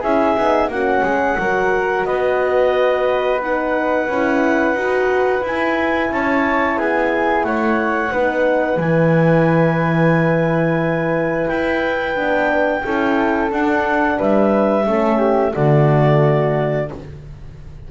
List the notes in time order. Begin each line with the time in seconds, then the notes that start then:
0.00 C#4 E4 G#4 E5
0.37 B3 D#4
0.68 A#3 C#4 F#4 F#5
1.02 G#3 G#4
1.38 F#3 F#4 A#4
2.05 B3 B4 D#5
3.42 D#4 F#5
4.08 C#4 E4
4.74 D#4 F#4
5.41 E4 G#5
6.10 C#4 C#5 A5
6.77 B3 G#4 G#5
7.44 A3 C#5 F#5
8.11 B3 D#4 B4
8.77 E3 E4 G#5
11.47 E4 G5
12.15 B3 D4
12.84 C#4 E4 A4
13.51 D4 F#5
14.17 G3 B4 E5
14.85 A3 C#4 A4
15.17 G4
15.52 D3 A3 F#4 D5